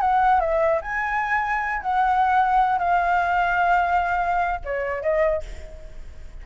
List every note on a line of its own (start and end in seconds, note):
0.00 0.40 F#5
0.40 0.80 E5
0.81 1.82 G#5
1.82 2.78 F#5
2.78 4.60 F5
4.65 5.02 C#5
5.02 5.43 D#5